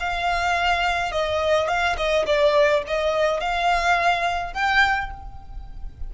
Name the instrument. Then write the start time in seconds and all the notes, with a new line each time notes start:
violin
0.00 F5
1.12 D#5
1.68 F5
1.97 D#5
2.26 D5
2.87 D#5
3.41 F5
4.54 G5